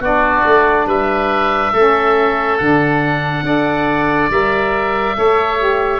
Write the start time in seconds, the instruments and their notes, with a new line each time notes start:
0.00 tuba B3, saxophone D4, oboe F#4 D5
0.46 tuba A3
0.86 tuba G3, oboe B4 E5
1.73 tuba A3, saxophone C#4, oboe A4
2.58 tuba D3, saxophone D4, oboe F#5
3.43 tuba D4, saxophone A4, oboe D5
4.30 tuba G3, saxophone A#4, oboe E5
5.15 tuba A3, saxophone A4, oboe C#5
5.58 saxophone G4